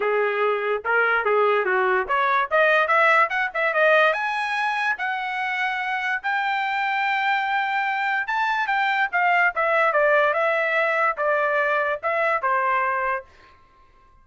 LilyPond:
\new Staff \with { instrumentName = "trumpet" } { \time 4/4 \tempo 4 = 145 gis'2 ais'4 gis'4 | fis'4 cis''4 dis''4 e''4 | fis''8 e''8 dis''4 gis''2 | fis''2. g''4~ |
g''1 | a''4 g''4 f''4 e''4 | d''4 e''2 d''4~ | d''4 e''4 c''2 | }